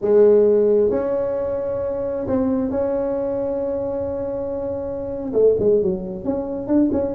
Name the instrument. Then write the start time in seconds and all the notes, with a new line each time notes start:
tuba
0.01 G#3
0.90 C#4
2.27 C4
2.70 C#4
5.33 A3
5.59 G#3
5.82 F#3
6.24 C#4
6.67 D4
6.92 C#4